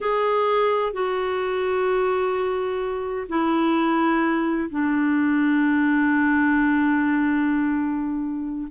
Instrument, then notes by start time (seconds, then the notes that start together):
clarinet
0.00 G#4
0.92 F#4
3.28 E4
4.69 D4